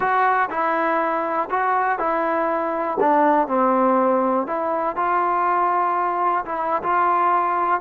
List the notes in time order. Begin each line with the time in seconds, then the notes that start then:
0.00 F#4
0.50 E4
1.50 F#4
1.98 E4
3.00 D4
3.47 C4
4.46 E4
4.96 F4
6.45 E4
6.82 F4